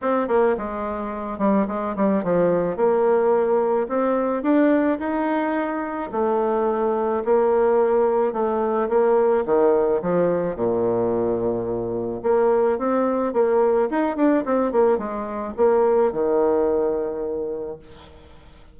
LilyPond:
\new Staff \with { instrumentName = "bassoon" } { \time 4/4 \tempo 4 = 108 c'8 ais8 gis4. g8 gis8 g8 | f4 ais2 c'4 | d'4 dis'2 a4~ | a4 ais2 a4 |
ais4 dis4 f4 ais,4~ | ais,2 ais4 c'4 | ais4 dis'8 d'8 c'8 ais8 gis4 | ais4 dis2. | }